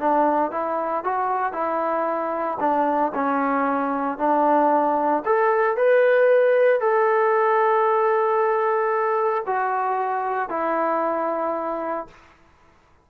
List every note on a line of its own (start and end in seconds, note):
0.00 0.52 D4
0.52 1.04 E4
1.04 1.53 F#4
1.53 2.58 E4
2.60 3.13 D4
3.15 4.18 C#4
4.18 5.23 D4
5.26 5.77 A4
5.77 6.81 B4
6.81 9.44 A4
9.47 10.50 F#4
10.50 12.07 E4